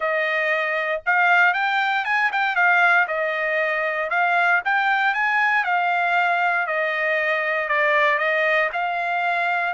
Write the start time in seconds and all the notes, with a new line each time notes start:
0.00 D#5
1.06 F5
1.53 G5
2.05 G#5
2.32 G5
2.55 F5
3.07 D#5
4.10 F5
4.64 G5
5.14 G#5
5.64 F5
6.66 D#5
7.68 D5
8.18 D#5
8.72 F5